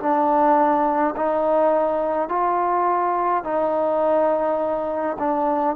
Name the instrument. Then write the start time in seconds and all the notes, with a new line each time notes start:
trombone
0.00 D4
1.16 D#4
2.29 F4
3.44 D#4
5.19 D4